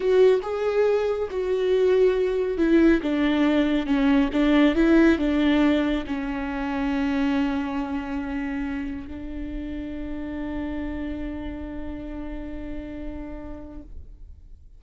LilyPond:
\new Staff \with { instrumentName = "viola" } { \time 4/4 \tempo 4 = 139 fis'4 gis'2 fis'4~ | fis'2 e'4 d'4~ | d'4 cis'4 d'4 e'4 | d'2 cis'2~ |
cis'1~ | cis'4 d'2.~ | d'1~ | d'1 | }